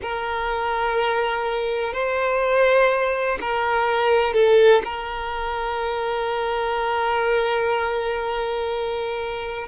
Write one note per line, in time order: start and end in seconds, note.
0.01 1.93 A#4
1.93 3.38 C5
3.40 4.33 A#4
4.33 4.82 A4
4.84 9.68 A#4